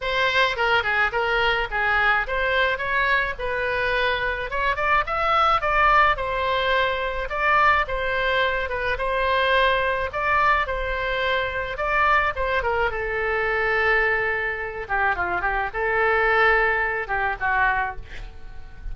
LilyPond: \new Staff \with { instrumentName = "oboe" } { \time 4/4 \tempo 4 = 107 c''4 ais'8 gis'8 ais'4 gis'4 | c''4 cis''4 b'2 | cis''8 d''8 e''4 d''4 c''4~ | c''4 d''4 c''4. b'8 |
c''2 d''4 c''4~ | c''4 d''4 c''8 ais'8 a'4~ | a'2~ a'8 g'8 f'8 g'8 | a'2~ a'8 g'8 fis'4 | }